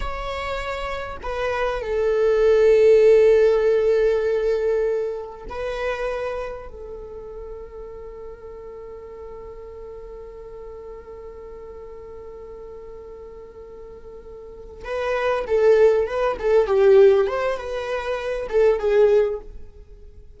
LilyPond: \new Staff \with { instrumentName = "viola" } { \time 4/4 \tempo 4 = 99 cis''2 b'4 a'4~ | a'1~ | a'4 b'2 a'4~ | a'1~ |
a'1~ | a'1~ | a'8 b'4 a'4 b'8 a'8 g'8~ | g'8 c''8 b'4. a'8 gis'4 | }